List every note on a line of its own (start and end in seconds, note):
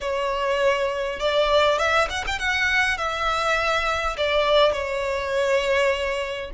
0.00 1.19 C#5
1.19 1.78 D5
1.78 2.08 E5
2.09 2.24 F#5
2.26 2.38 G5
2.38 2.97 F#5
2.97 4.16 E5
4.17 4.72 D5
4.72 6.50 C#5